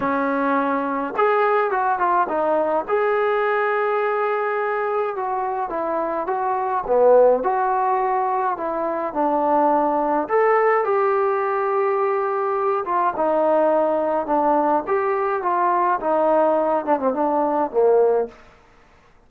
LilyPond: \new Staff \with { instrumentName = "trombone" } { \time 4/4 \tempo 4 = 105 cis'2 gis'4 fis'8 f'8 | dis'4 gis'2.~ | gis'4 fis'4 e'4 fis'4 | b4 fis'2 e'4 |
d'2 a'4 g'4~ | g'2~ g'8 f'8 dis'4~ | dis'4 d'4 g'4 f'4 | dis'4. d'16 c'16 d'4 ais4 | }